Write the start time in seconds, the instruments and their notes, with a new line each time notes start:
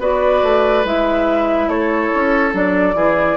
0.00 bassoon B3, clarinet F#4, oboe B4, flute D5
0.43 bassoon A3
0.85 bassoon G#3, clarinet E4, flute E5
1.68 bassoon A3, oboe A4, flute C#5
2.15 bassoon C#4
2.52 bassoon F#3, clarinet D4, flute D5
2.95 bassoon E3, clarinet E4, oboe G#4